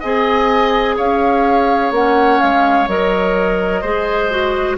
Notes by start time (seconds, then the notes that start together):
0.00 C4 G#4 D#5 G#5
0.97 C#4 C#5 F5
1.91 A#3 C#4 F#5
2.40 G#3 F5
2.87 F#3 A#4 D#5
3.81 G#3 G#4 C5
4.30 F#4